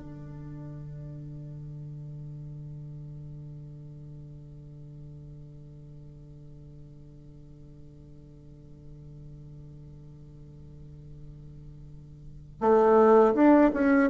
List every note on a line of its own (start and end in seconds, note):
0.00 12.59 D3
12.61 13.34 A3
13.34 13.71 D4
13.74 14.11 C#4